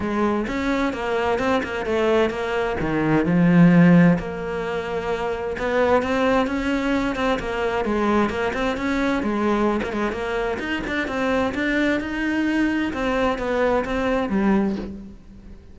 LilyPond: \new Staff \with { instrumentName = "cello" } { \time 4/4 \tempo 4 = 130 gis4 cis'4 ais4 c'8 ais8 | a4 ais4 dis4 f4~ | f4 ais2. | b4 c'4 cis'4. c'8 |
ais4 gis4 ais8 c'8 cis'4 | gis4~ gis16 ais16 gis8 ais4 dis'8 d'8 | c'4 d'4 dis'2 | c'4 b4 c'4 g4 | }